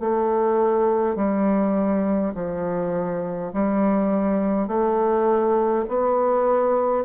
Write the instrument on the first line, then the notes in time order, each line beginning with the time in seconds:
bassoon
0.00 A3
1.16 G3
2.35 F3
3.53 G3
4.68 A3
5.89 B3